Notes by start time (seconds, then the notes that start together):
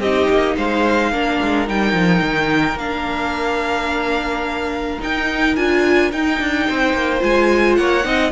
0.00 C4 D#4 G4 D#5
0.30 A#3
0.56 G#3 C5 F5
1.12 A#3 D4 A#4
1.42 G#3
1.67 G3 D#4 G5
1.93 F3
2.22 D#3
2.76 A#3 D4 F5
5.01 D#4 G5
5.56 D4 F4 G#5
6.12 D#4 G5
6.40 D4
6.69 C4 C5
6.94 A#3
7.19 G#3 F4 G#5
7.76 A#3 C#5 F#5
8.04 C4 D#4 D#5